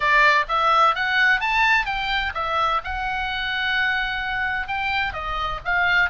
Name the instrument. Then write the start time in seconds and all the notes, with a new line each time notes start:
oboe
0.00 D5
0.48 E5
0.95 F#5
1.40 A5
1.85 G5
2.34 E5
2.84 F#5
4.67 G5
5.13 D#5
5.64 F5